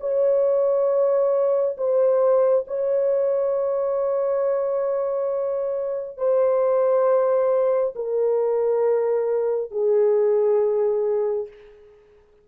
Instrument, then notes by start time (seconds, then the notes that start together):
horn
0.00 C#5
1.77 C5
2.67 C#5
6.17 C5
7.95 A#4
9.71 G#4